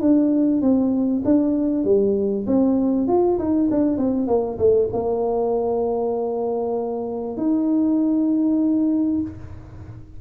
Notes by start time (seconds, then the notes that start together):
0.00 D4
0.61 C4
1.24 D4
1.84 G3
2.47 C4
3.07 F4
3.38 D#4
3.70 D4
3.97 C4
4.27 A#3
4.58 A3
4.93 A#3
7.37 D#4